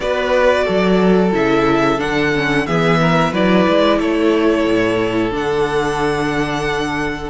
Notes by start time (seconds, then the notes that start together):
0.00 B3 F#4 B4 D5
0.65 F#3 A4
1.31 C#3 E4 E5
1.97 D3 D4 F#5
2.35 C#4
2.66 E3 B3 G#4 E5
3.00 A#4
3.32 F#3 E4 B4 D5
3.68 G#3
3.99 A3 A4 C#5
4.64 A2
5.30 D3 D4 F#5